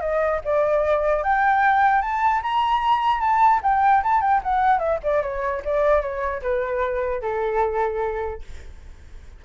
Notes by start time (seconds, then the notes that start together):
0.00 D#5
0.44 D5
1.23 G5
2.01 A5
2.42 A#5
3.20 A5
3.62 G5
4.03 A5
4.21 G5
4.43 F#5
4.79 E5
5.03 D5
5.22 C#5
5.64 D5
6.01 C#5
6.41 B4
7.21 A4